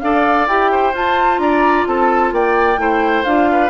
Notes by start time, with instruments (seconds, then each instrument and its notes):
0.00 bassoon D4, clarinet A4, oboe D5, flute F5
0.48 bassoon E4, clarinet G4, flute G5
0.72 oboe C5
0.94 clarinet F4, bassoon F4, flute A5
1.39 bassoon D4, oboe D5, flute A#5
1.87 bassoon C4, oboe A4, flute A5
2.32 bassoon A#3, oboe D5, flute G5
2.78 bassoon A3, clarinet E4, oboe C5
3.25 bassoon D4, clarinet F4, flute F5
3.52 oboe B4